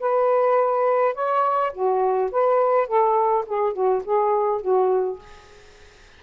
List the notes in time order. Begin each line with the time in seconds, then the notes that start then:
0.00 B4
1.15 C#5
1.73 F#4
2.32 B4
2.87 A4
3.46 G#4
3.73 F#4
4.05 G#4
4.62 F#4